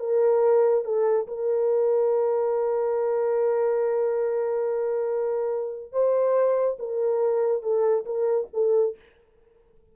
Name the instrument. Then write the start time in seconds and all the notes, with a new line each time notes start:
horn
0.00 A#4
0.85 A4
1.28 A#4
5.93 C5
6.79 A#4
7.63 A4
8.06 A#4
8.54 A4